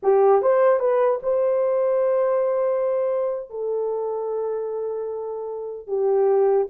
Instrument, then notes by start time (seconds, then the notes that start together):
horn
0.02 G4
0.41 C5
0.79 B4
1.22 C5
3.50 A4
5.87 G4